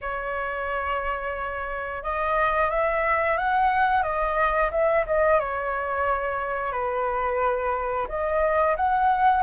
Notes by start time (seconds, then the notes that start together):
0.01 C#5
2.03 D#5
2.70 E5
3.37 F#5
4.02 D#5
4.71 E5
5.06 D#5
5.39 C#5
6.72 B4
8.08 D#5
8.76 F#5